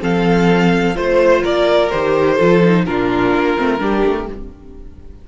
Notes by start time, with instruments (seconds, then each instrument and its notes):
0.00 cello F3, viola C4, violin A4 F5
0.95 cello A3, viola F4, violin C5
1.42 cello A#3, violin A#4 D5
1.90 cello D#3, viola G4, violin C5
2.35 cello F3, viola F4, violin A4
2.64 viola D#4
2.85 cello A#2, viola D4, violin F4 A#4
3.34 cello A#3
3.57 cello A3, viola C4
3.78 cello G3, viola D4, violin G4
4.05 cello A3